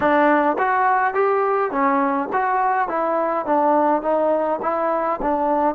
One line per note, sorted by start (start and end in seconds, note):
0.00 0.57 D4
0.58 1.13 F#4
1.13 1.70 G4
1.70 2.28 C#4
2.32 2.88 F#4
2.88 3.45 E4
3.45 4.01 D4
4.01 4.59 D#4
4.62 5.19 E4
5.22 5.75 D4